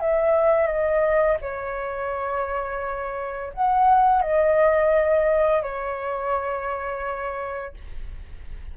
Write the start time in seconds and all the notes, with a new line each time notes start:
0.00 E5
0.67 D#5
1.41 C#5
3.54 F#5
4.22 D#5
5.62 C#5